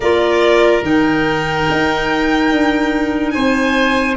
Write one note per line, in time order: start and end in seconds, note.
0.00 0.82 A#3
0.00 0.82 F4
0.00 3.32 A#4
0.00 0.84 D5
0.82 1.65 D#3
0.82 4.16 D#4
0.82 3.30 G5
1.70 2.51 D#4
2.51 3.34 D4
3.30 4.17 C4
3.30 4.17 C5
3.30 4.13 G#5